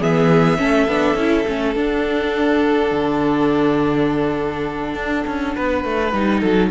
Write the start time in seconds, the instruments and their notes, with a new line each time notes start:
0.00 cello E3, viola B3, violin G#4 E5
0.58 cello A3, viola C#4, violin A4
0.87 cello B3, viola D4
1.14 cello C#4, viola E4
1.47 cello A3, viola C#4
1.75 cello D4, viola D4, violin F#5
2.91 cello D3
4.94 cello D4
5.27 cello C#4
5.55 cello B3, violin B4
5.84 cello A3
6.13 cello G3, viola D#4
6.40 cello F#3, violin A4